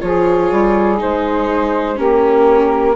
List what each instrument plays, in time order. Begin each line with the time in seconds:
0.00 bassoon F3, viola F4, saxophone G#4, flute C#5
0.52 bassoon G3
0.98 bassoon G#3, viola D#4, flute C5
1.96 bassoon A#3, viola C#4, saxophone G4, flute A#4